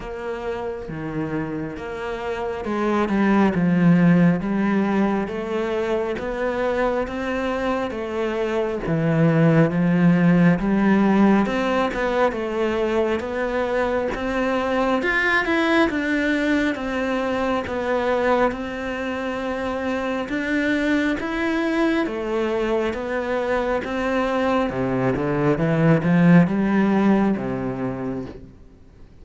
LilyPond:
\new Staff \with { instrumentName = "cello" } { \time 4/4 \tempo 4 = 68 ais4 dis4 ais4 gis8 g8 | f4 g4 a4 b4 | c'4 a4 e4 f4 | g4 c'8 b8 a4 b4 |
c'4 f'8 e'8 d'4 c'4 | b4 c'2 d'4 | e'4 a4 b4 c'4 | c8 d8 e8 f8 g4 c4 | }